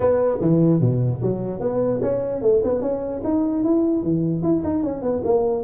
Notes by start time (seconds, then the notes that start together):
0.00 B3
0.40 E3
0.80 B2
1.22 F#3
1.60 B3
2.02 C#4
2.41 A3
2.63 B3
2.81 C#4
3.24 D#4
3.63 E4
4.02 E3
4.42 E4
4.63 D#4
4.83 C#4
5.02 B3
5.24 A#3